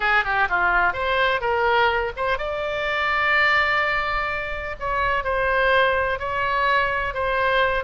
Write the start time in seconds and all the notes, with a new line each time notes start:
0.00 G#4
0.24 G4
0.49 F4
0.93 C5
1.40 A#4
2.16 C5
2.38 D5
4.79 C#5
5.23 C5
6.19 C#5
7.14 C5